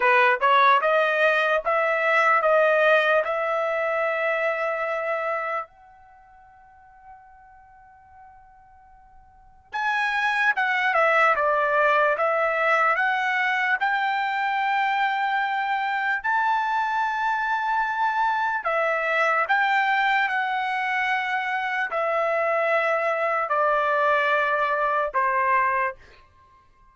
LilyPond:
\new Staff \with { instrumentName = "trumpet" } { \time 4/4 \tempo 4 = 74 b'8 cis''8 dis''4 e''4 dis''4 | e''2. fis''4~ | fis''1 | gis''4 fis''8 e''8 d''4 e''4 |
fis''4 g''2. | a''2. e''4 | g''4 fis''2 e''4~ | e''4 d''2 c''4 | }